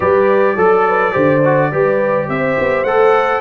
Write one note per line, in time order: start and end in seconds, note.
0.00 0.56 G3
0.00 0.57 G4
0.00 0.55 B4
0.00 2.29 D5
0.55 1.13 F#3
0.55 0.83 A4
0.55 1.12 A4
0.88 1.12 B4
1.12 1.72 D3
1.12 1.40 G4
1.12 1.69 C5
1.45 1.72 F#4
1.71 2.28 G3
1.71 2.86 G4
1.71 2.28 B4
2.28 2.57 C4
2.28 3.40 C5
2.28 2.84 E5
2.59 2.83 B3
2.83 3.40 A3
2.83 3.40 A4
2.83 3.40 F#5